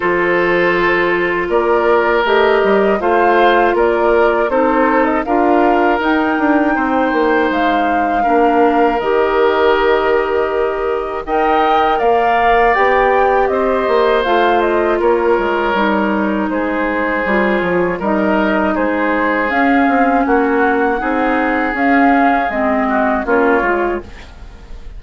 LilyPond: <<
  \new Staff \with { instrumentName = "flute" } { \time 4/4 \tempo 4 = 80 c''2 d''4 dis''4 | f''4 d''4 c''8. dis''16 f''4 | g''2 f''2 | dis''2. g''4 |
f''4 g''4 dis''4 f''8 dis''8 | cis''2 c''4. cis''8 | dis''4 c''4 f''4 fis''4~ | fis''4 f''4 dis''4 cis''4 | }
  \new Staff \with { instrumentName = "oboe" } { \time 4/4 a'2 ais'2 | c''4 ais'4 a'4 ais'4~ | ais'4 c''2 ais'4~ | ais'2. dis''4 |
d''2 c''2 | ais'2 gis'2 | ais'4 gis'2 fis'4 | gis'2~ gis'8 fis'8 f'4 | }
  \new Staff \with { instrumentName = "clarinet" } { \time 4/4 f'2. g'4 | f'2 dis'4 f'4 | dis'2. d'4 | g'2. ais'4~ |
ais'4 g'2 f'4~ | f'4 dis'2 f'4 | dis'2 cis'2 | dis'4 cis'4 c'4 cis'8 f'8 | }
  \new Staff \with { instrumentName = "bassoon" } { \time 4/4 f2 ais4 a8 g8 | a4 ais4 c'4 d'4 | dis'8 d'8 c'8 ais8 gis4 ais4 | dis2. dis'4 |
ais4 b4 c'8 ais8 a4 | ais8 gis8 g4 gis4 g8 f8 | g4 gis4 cis'8 c'8 ais4 | c'4 cis'4 gis4 ais8 gis8 | }
>>